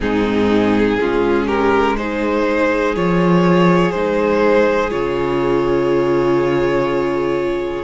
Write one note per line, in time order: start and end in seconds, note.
0.00 0.99 G#2
0.00 0.98 C4
0.00 0.99 D#4
0.00 1.47 G#4
0.99 2.95 G#3
0.99 1.98 C#4
0.99 1.46 F4
1.46 1.95 G4
1.46 1.96 A#4
1.97 2.95 D#4
1.97 7.83 G#4
1.97 2.95 C5
2.95 3.94 F3
2.95 3.94 F4
2.95 3.91 C#5
3.91 4.92 G#3
3.91 4.90 D#4
3.91 4.90 C5
4.90 7.83 C#3
4.90 7.83 F4
4.90 7.83 C#5